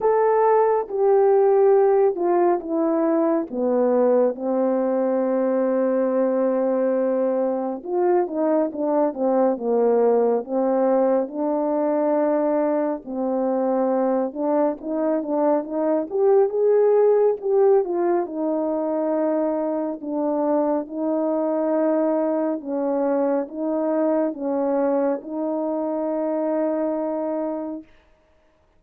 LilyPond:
\new Staff \with { instrumentName = "horn" } { \time 4/4 \tempo 4 = 69 a'4 g'4. f'8 e'4 | b4 c'2.~ | c'4 f'8 dis'8 d'8 c'8 ais4 | c'4 d'2 c'4~ |
c'8 d'8 dis'8 d'8 dis'8 g'8 gis'4 | g'8 f'8 dis'2 d'4 | dis'2 cis'4 dis'4 | cis'4 dis'2. | }